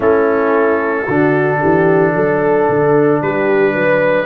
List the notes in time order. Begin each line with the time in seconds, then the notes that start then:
0.00 A3 C#4 E4 A4
1.06 D3 D4 F#4
1.60 E3 G4
2.14 F#3 A4
2.69 D3
3.21 G3 G4 B4
3.73 F#3 B4